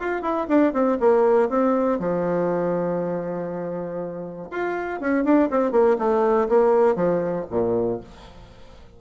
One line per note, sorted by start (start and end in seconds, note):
0.00 0.22 F4
0.22 0.47 E4
0.49 0.73 D4
0.73 0.98 C4
1.00 1.49 A#3
1.49 1.99 C4
1.99 4.49 F3
4.51 5.01 F4
5.01 5.25 C#4
5.25 5.50 D4
5.51 5.72 C4
5.72 5.97 A#3
5.99 6.49 A3
6.49 6.96 A#3
6.96 7.46 F3
7.50 8.00 A#2